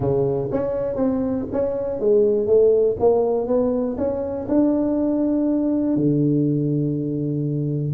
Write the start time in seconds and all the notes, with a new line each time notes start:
0.00 C#3
0.51 C#4
0.95 C4
1.52 C#4
1.99 G#3
2.46 A3
2.99 A#3
3.47 B3
3.97 C#4
4.48 D4
5.96 D3